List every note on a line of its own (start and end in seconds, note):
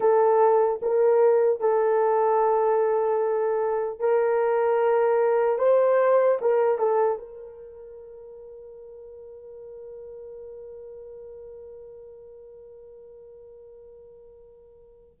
0.00 0.80 A4
0.82 1.60 A#4
1.60 3.99 A4
3.99 5.58 A#4
5.58 6.38 C5
6.41 6.78 A#4
6.78 7.18 A4
7.18 15.18 A#4